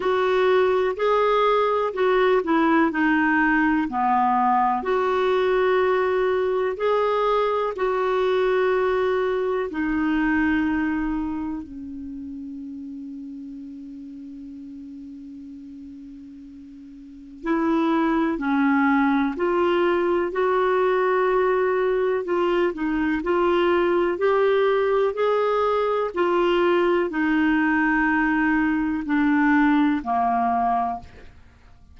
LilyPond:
\new Staff \with { instrumentName = "clarinet" } { \time 4/4 \tempo 4 = 62 fis'4 gis'4 fis'8 e'8 dis'4 | b4 fis'2 gis'4 | fis'2 dis'2 | cis'1~ |
cis'2 e'4 cis'4 | f'4 fis'2 f'8 dis'8 | f'4 g'4 gis'4 f'4 | dis'2 d'4 ais4 | }